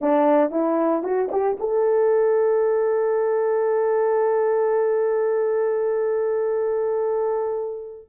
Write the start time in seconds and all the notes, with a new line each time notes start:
0.01 D4
0.51 E4
1.03 F#4
1.31 G4
1.59 A4